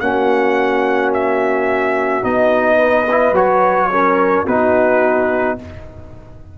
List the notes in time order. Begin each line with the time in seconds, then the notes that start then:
0.00 A#3 C#4 F#4 F#5
1.13 E5
2.22 B3 D#4 D#5
2.77 B4
3.11 E4
3.32 F#3 F#4 C#5
3.91 C#4 A#4
4.46 B3 D#4 F#4 B4